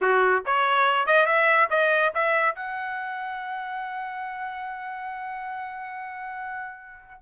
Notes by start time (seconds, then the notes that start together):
0.01 F#4
0.45 C#5
1.06 D#5
1.26 E5
1.70 D#5
2.14 E5
2.55 F#5